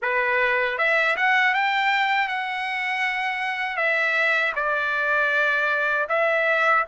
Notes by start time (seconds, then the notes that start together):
0.02 B4
0.78 E5
1.16 F#5
1.54 G5
2.28 F#5
3.77 E5
4.55 D5
6.09 E5